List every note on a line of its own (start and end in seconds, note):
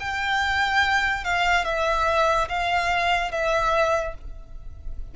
0.00 1.25 G5
1.25 1.65 F5
1.65 2.48 E5
2.49 3.31 F5
3.31 4.15 E5